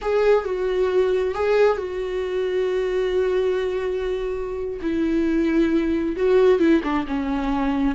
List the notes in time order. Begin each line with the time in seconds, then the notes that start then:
0.01 G#4
0.45 F#4
1.34 G#4
1.77 F#4
4.81 E4
6.16 F#4
6.59 E4
6.83 D4
7.07 C#4